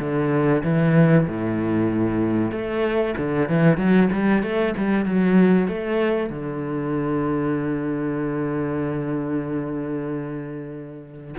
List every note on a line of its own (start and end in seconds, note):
0.00 0.63 D3
0.64 1.27 E3
1.28 2.52 A2
2.52 3.15 A3
3.18 3.49 D3
3.49 3.78 E3
3.78 4.09 F#3
4.13 4.43 G3
4.43 4.75 A3
4.78 5.06 G3
5.06 5.68 F#3
5.68 6.30 A3
6.30 11.35 D3